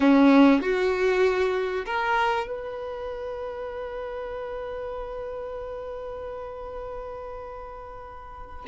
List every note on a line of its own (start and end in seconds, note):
0.00 0.61 C#4
0.61 1.85 F#4
1.85 2.47 A#4
2.47 8.65 B4